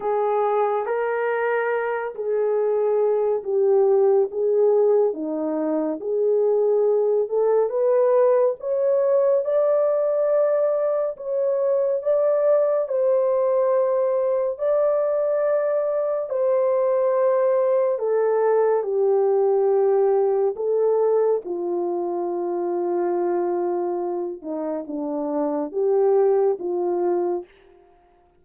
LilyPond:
\new Staff \with { instrumentName = "horn" } { \time 4/4 \tempo 4 = 70 gis'4 ais'4. gis'4. | g'4 gis'4 dis'4 gis'4~ | gis'8 a'8 b'4 cis''4 d''4~ | d''4 cis''4 d''4 c''4~ |
c''4 d''2 c''4~ | c''4 a'4 g'2 | a'4 f'2.~ | f'8 dis'8 d'4 g'4 f'4 | }